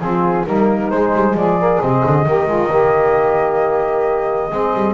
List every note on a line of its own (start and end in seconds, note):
0.00 0.45 F3
0.00 0.47 C4
0.00 0.46 F4
0.00 0.46 G#4
0.46 0.92 G3
0.46 0.93 A#3
0.46 1.36 D#4
0.46 0.91 A#4
0.91 1.14 G#3
0.91 1.60 G#3
0.91 1.36 C5
1.14 1.34 G3
1.34 1.79 F3
1.34 2.27 G#4
1.34 1.81 D5
1.60 1.81 A#3
1.81 2.04 C3
1.81 2.26 C4
1.81 4.95 D#5
2.06 2.26 D3
2.26 4.51 D#3
2.26 2.47 A#3
2.26 2.49 G4
2.47 2.70 G#3
2.47 2.70 F4
2.70 4.51 A#3
2.70 4.51 G4
4.51 4.74 G#3
4.51 4.95 C4
4.51 4.95 G#4
4.75 4.95 G3